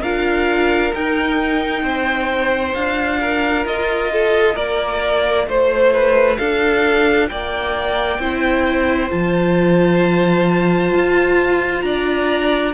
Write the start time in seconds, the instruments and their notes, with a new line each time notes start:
0.00 cello D4, viola F4, violin A#4 F5
0.94 viola D#4, cello D#4, violin G5
1.82 cello C4, violin C5
2.74 cello D4, viola F4, violin F5
3.20 violin A#4
3.65 cello F4, violin D#5
4.12 violin A4
4.54 cello A#3, violin A#4 D5
5.47 cello A3, violin C5
5.93 violin B4
6.36 cello D4, violin A4 F5
7.28 cello A#3, violin D5 G5
8.18 cello C4, viola E4, violin C5
9.09 cello F3, viola F4, violin A5
10.94 cello F4
11.80 cello D4, violin D5 A#5